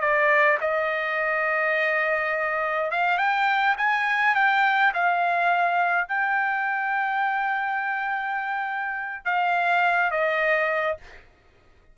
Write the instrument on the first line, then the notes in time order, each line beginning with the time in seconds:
trumpet
0.00 D5
0.60 D#5
2.91 F5
3.18 G5
3.77 G#5
4.35 G5
4.94 F5
6.08 G5
9.25 F5
10.11 D#5